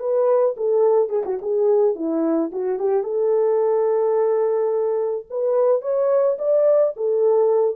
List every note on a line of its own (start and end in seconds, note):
0.00 0.56 B4
0.57 1.10 A4
1.10 1.23 G#4
1.26 1.40 F#4
1.42 1.96 G#4
1.96 2.51 E4
2.53 2.80 F#4
2.80 3.04 G4
3.04 5.26 A4
5.31 5.82 B4
5.82 6.37 C#5
6.39 6.94 D5
6.97 7.76 A4